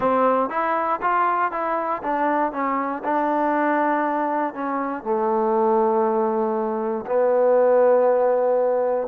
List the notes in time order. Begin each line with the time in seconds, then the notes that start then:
0.00 C4
0.49 E4
1.01 F4
1.51 E4
2.02 D4
2.52 C#4
3.03 D4
4.54 C#4
5.03 A3
7.06 B3